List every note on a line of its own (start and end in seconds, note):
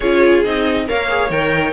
0.00 0.44 C#4
0.00 0.45 F4
0.00 0.84 G#4
0.00 0.43 C#5
0.44 0.88 C4
0.44 0.87 D#4
0.44 0.88 D#5
0.87 1.30 A#3
0.87 1.08 A#4
0.87 1.73 C#5
0.87 1.30 F5
1.08 1.30 G#4
1.30 1.73 D#3
1.30 1.73 A#4
1.30 1.73 G5